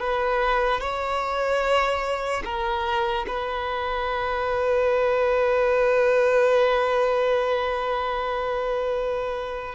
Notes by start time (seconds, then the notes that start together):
0.00 B4
0.81 C#5
2.45 A#4
3.28 B4